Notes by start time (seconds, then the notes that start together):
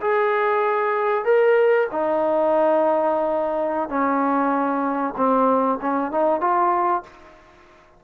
0.00 G#4
1.24 A#4
1.91 D#4
3.89 C#4
5.16 C4
5.81 C#4
6.11 D#4
6.40 F4